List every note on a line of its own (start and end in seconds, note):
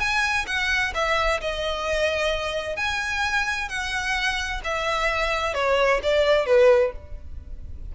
0.00 0.46 G#5
0.47 0.94 F#5
0.95 1.41 E5
1.41 2.77 D#5
2.77 3.69 G#5
3.69 4.62 F#5
4.64 5.55 E5
5.55 6.01 C#5
6.03 6.46 D5
6.46 6.93 B4